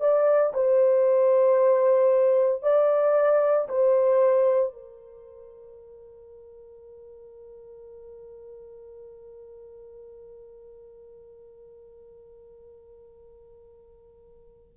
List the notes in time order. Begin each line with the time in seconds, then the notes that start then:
0.00 D5
0.54 C5
2.63 D5
3.68 C5
4.73 A#4